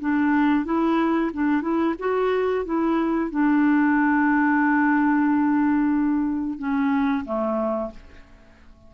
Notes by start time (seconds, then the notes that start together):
0.00 D4
0.65 E4
1.33 D4
1.62 E4
1.99 F#4
2.65 E4
3.31 D4
6.58 C#4
7.25 A3